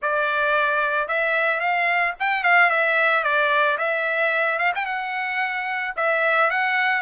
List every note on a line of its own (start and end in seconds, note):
0.01 1.08 D5
1.08 1.60 E5
1.60 2.14 F5
2.19 2.43 G5
2.43 2.70 F5
2.70 3.23 E5
3.23 3.77 D5
3.77 4.58 E5
4.58 4.72 F5
4.75 4.85 G5
4.85 5.93 F#5
5.96 6.50 E5
6.50 7.01 F#5